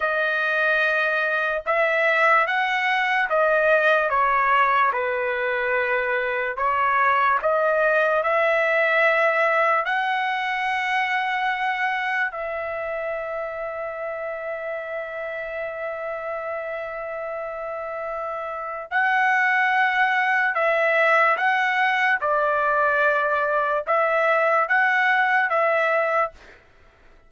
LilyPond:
\new Staff \with { instrumentName = "trumpet" } { \time 4/4 \tempo 4 = 73 dis''2 e''4 fis''4 | dis''4 cis''4 b'2 | cis''4 dis''4 e''2 | fis''2. e''4~ |
e''1~ | e''2. fis''4~ | fis''4 e''4 fis''4 d''4~ | d''4 e''4 fis''4 e''4 | }